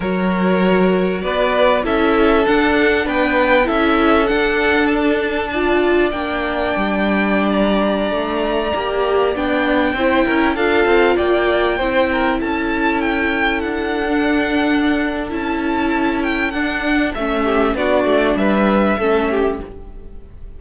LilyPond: <<
  \new Staff \with { instrumentName = "violin" } { \time 4/4 \tempo 4 = 98 cis''2 d''4 e''4 | fis''4 g''4 e''4 fis''4 | a''2 g''2~ | g''16 ais''2. g''8.~ |
g''4~ g''16 f''4 g''4.~ g''16~ | g''16 a''4 g''4 fis''4.~ fis''16~ | fis''4 a''4. g''8 fis''4 | e''4 d''4 e''2 | }
  \new Staff \with { instrumentName = "violin" } { \time 4/4 ais'2 b'4 a'4~ | a'4 b'4 a'2~ | a'4 d''2.~ | d''1~ |
d''16 c''8 ais'8 a'4 d''4 c''8 ais'16~ | ais'16 a'2.~ a'8.~ | a'1~ | a'8 g'8 fis'4 b'4 a'8 g'8 | }
  \new Staff \with { instrumentName = "viola" } { \time 4/4 fis'2. e'4 | d'2 e'4 d'4~ | d'4 f'4 d'2~ | d'2~ d'16 g'4 d'8.~ |
d'16 e'4 f'2 e'8.~ | e'2. d'4~ | d'4 e'2 d'4 | cis'4 d'2 cis'4 | }
  \new Staff \with { instrumentName = "cello" } { \time 4/4 fis2 b4 cis'4 | d'4 b4 cis'4 d'4~ | d'2 ais4 g4~ | g4~ g16 a4 ais4 b8.~ |
b16 c'8 cis'8 d'8 c'8 ais4 c'8.~ | c'16 cis'2 d'4.~ d'16~ | d'4 cis'2 d'4 | a4 b8 a8 g4 a4 | }
>>